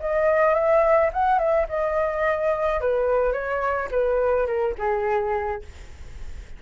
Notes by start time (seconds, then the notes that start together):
0.00 D#5
0.55 E5
1.13 F#5
1.39 E5
1.69 D#5
2.81 B4
3.33 C#5
3.91 B4
4.47 A#4
4.78 G#4